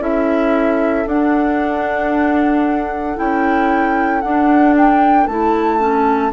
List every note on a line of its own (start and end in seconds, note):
0.00 1.05 C#4
0.00 1.05 E4
0.00 6.33 A4
0.00 1.08 E5
1.07 3.17 D4
1.07 3.16 D4
1.07 3.19 F#5
3.16 4.24 C#4
3.16 4.21 E4
3.16 4.21 G5
4.21 5.27 D4
4.21 5.30 D4
4.21 4.74 F#5
4.77 5.27 G5
5.27 6.33 A3
5.27 5.79 E4
5.27 6.32 A5
5.79 6.32 C#4